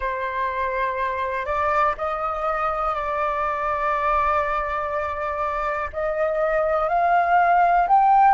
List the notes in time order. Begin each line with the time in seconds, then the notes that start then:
0.00 C5
1.45 D5
1.97 D#5
2.95 D5
5.92 D#5
6.89 F5
7.87 G5